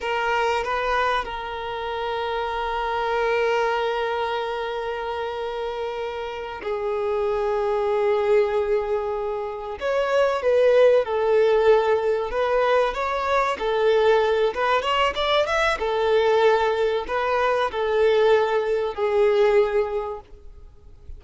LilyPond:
\new Staff \with { instrumentName = "violin" } { \time 4/4 \tempo 4 = 95 ais'4 b'4 ais'2~ | ais'1~ | ais'2~ ais'8 gis'4.~ | gis'2.~ gis'8 cis''8~ |
cis''8 b'4 a'2 b'8~ | b'8 cis''4 a'4. b'8 cis''8 | d''8 e''8 a'2 b'4 | a'2 gis'2 | }